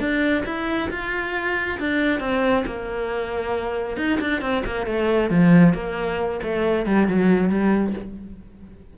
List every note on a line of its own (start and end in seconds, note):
0.00 0.44 D4
0.46 0.90 E4
0.90 1.79 F4
1.80 2.20 D4
2.20 2.64 C4
2.66 3.97 A#3
3.97 4.19 D#4
4.21 4.41 D4
4.41 4.63 C4
4.66 4.86 A#3
4.86 5.30 A3
5.30 5.74 F3
5.74 6.40 A#3
6.43 6.86 A3
6.86 7.08 G3
7.08 7.49 F#3
7.49 7.94 G3